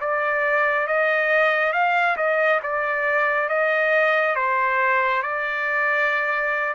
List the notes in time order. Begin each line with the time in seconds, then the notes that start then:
0.00 D5
0.87 D#5
1.72 F5
2.17 D#5
2.62 D5
3.49 D#5
4.35 C5
5.22 D5